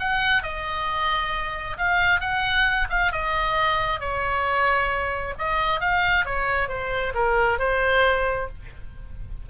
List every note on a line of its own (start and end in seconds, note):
0.00 0.43 F#5
0.43 1.78 D#5
1.78 2.21 F5
2.21 2.88 F#5
2.90 3.12 F5
3.12 4.00 D#5
4.00 5.35 C#5
5.39 5.81 D#5
5.81 6.26 F5
6.26 6.69 C#5
6.69 7.14 C5
7.15 7.59 A#4
7.59 8.49 C5